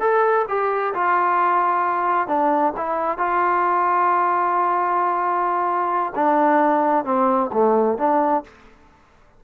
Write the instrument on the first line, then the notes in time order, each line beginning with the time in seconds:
trombone
0.00 A4
0.48 G4
0.94 F4
2.28 D4
2.77 E4
3.18 F4
6.15 D4
7.05 C4
7.53 A3
7.98 D4